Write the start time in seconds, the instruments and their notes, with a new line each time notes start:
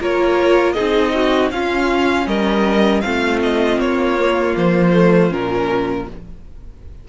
0.00 cello A#3, viola F4, violin A#4 C#5
0.73 viola D#4, violin G#4 D#5
0.79 cello C4
1.15 violin F#4
1.51 cello C#4, viola C#4, violin F4 F5
2.27 cello G3, violin A#4 D#5
3.01 cello A3, viola C4, violin F4 F5
3.43 violin D#5
3.78 cello A#3, violin C#5
4.20 viola A#3
4.57 cello F3, violin C5
4.93 viola A3
5.30 cello A#2, viola C#4, violin A#4